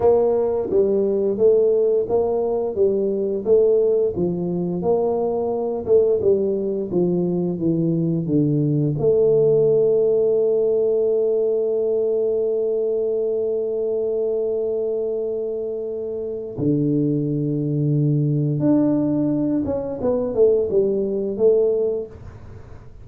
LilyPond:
\new Staff \with { instrumentName = "tuba" } { \time 4/4 \tempo 4 = 87 ais4 g4 a4 ais4 | g4 a4 f4 ais4~ | ais8 a8 g4 f4 e4 | d4 a2.~ |
a1~ | a1 | d2. d'4~ | d'8 cis'8 b8 a8 g4 a4 | }